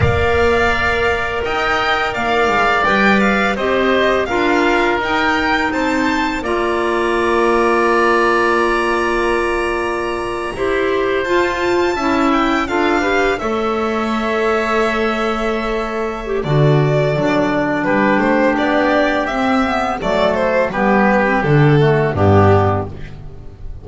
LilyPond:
<<
  \new Staff \with { instrumentName = "violin" } { \time 4/4 \tempo 4 = 84 f''2 g''4 f''4 | g''8 f''8 dis''4 f''4 g''4 | a''4 ais''2.~ | ais''2.~ ais''8. a''16~ |
a''4~ a''16 g''8 f''4 e''4~ e''16~ | e''2. d''4~ | d''4 b'8 c''8 d''4 e''4 | d''8 c''8 b'4 a'4 g'4 | }
  \new Staff \with { instrumentName = "oboe" } { \time 4/4 d''2 dis''4 d''4~ | d''4 c''4 ais'2 | c''4 d''2.~ | d''2~ d''8. c''4~ c''16~ |
c''8. e''4 a'8 b'8 cis''4~ cis''16~ | cis''2. a'4~ | a'4 g'2. | a'4 g'4. fis'8 d'4 | }
  \new Staff \with { instrumentName = "clarinet" } { \time 4/4 ais'1 | b'4 g'4 f'4 dis'4~ | dis'4 f'2.~ | f'2~ f'8. g'4 f'16~ |
f'8. e'4 f'8 g'8 a'4~ a'16~ | a'2~ a'8. g'16 fis'4 | d'2. c'8 b8 | a4 b8. c'16 d'8 a8 b4 | }
  \new Staff \with { instrumentName = "double bass" } { \time 4/4 ais2 dis'4 ais8 gis8 | g4 c'4 d'4 dis'4 | c'4 ais2.~ | ais2~ ais8. e'4 f'16~ |
f'8. cis'4 d'4 a4~ a16~ | a2. d4 | fis4 g8 a8 b4 c'4 | fis4 g4 d4 g,4 | }
>>